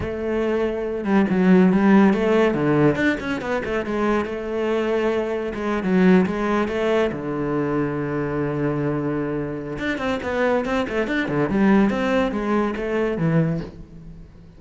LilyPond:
\new Staff \with { instrumentName = "cello" } { \time 4/4 \tempo 4 = 141 a2~ a8 g8 fis4 | g4 a4 d4 d'8 cis'8 | b8 a8 gis4 a2~ | a4 gis8. fis4 gis4 a16~ |
a8. d2.~ d16~ | d2. d'8 c'8 | b4 c'8 a8 d'8 d8 g4 | c'4 gis4 a4 e4 | }